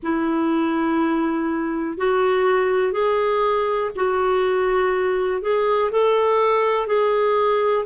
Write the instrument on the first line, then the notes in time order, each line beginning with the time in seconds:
clarinet
0.02 E4
1.97 F#4
2.92 G#4
3.95 F#4
5.41 G#4
5.91 A4
6.86 G#4